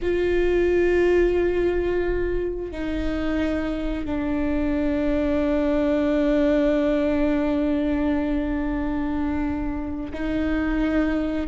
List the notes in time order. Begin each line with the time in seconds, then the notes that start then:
0.02 F4
2.72 D#4
4.05 D4
10.13 D#4